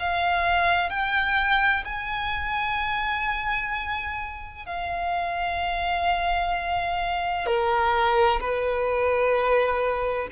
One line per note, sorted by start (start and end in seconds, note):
0.00 0.90 F5
0.90 1.84 G5
1.85 4.66 G#5
4.66 7.47 F5
7.47 8.40 A#4
8.41 10.28 B4